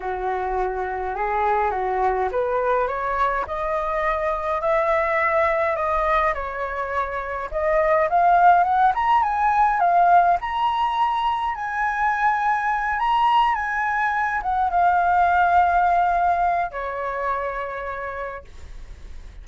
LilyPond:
\new Staff \with { instrumentName = "flute" } { \time 4/4 \tempo 4 = 104 fis'2 gis'4 fis'4 | b'4 cis''4 dis''2 | e''2 dis''4 cis''4~ | cis''4 dis''4 f''4 fis''8 ais''8 |
gis''4 f''4 ais''2 | gis''2~ gis''8 ais''4 gis''8~ | gis''4 fis''8 f''2~ f''8~ | f''4 cis''2. | }